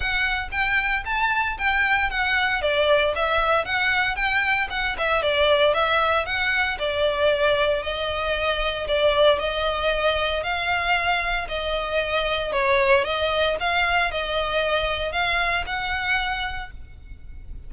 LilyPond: \new Staff \with { instrumentName = "violin" } { \time 4/4 \tempo 4 = 115 fis''4 g''4 a''4 g''4 | fis''4 d''4 e''4 fis''4 | g''4 fis''8 e''8 d''4 e''4 | fis''4 d''2 dis''4~ |
dis''4 d''4 dis''2 | f''2 dis''2 | cis''4 dis''4 f''4 dis''4~ | dis''4 f''4 fis''2 | }